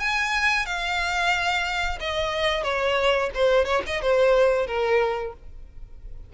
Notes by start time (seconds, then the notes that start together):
0.00 G#5
0.66 F5
2.00 D#5
2.64 C#5
3.35 C5
3.65 C#5
3.87 D#5
4.02 C5
4.67 A#4